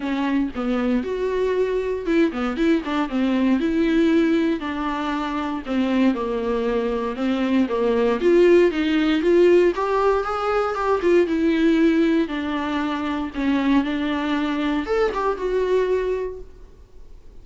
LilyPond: \new Staff \with { instrumentName = "viola" } { \time 4/4 \tempo 4 = 117 cis'4 b4 fis'2 | e'8 b8 e'8 d'8 c'4 e'4~ | e'4 d'2 c'4 | ais2 c'4 ais4 |
f'4 dis'4 f'4 g'4 | gis'4 g'8 f'8 e'2 | d'2 cis'4 d'4~ | d'4 a'8 g'8 fis'2 | }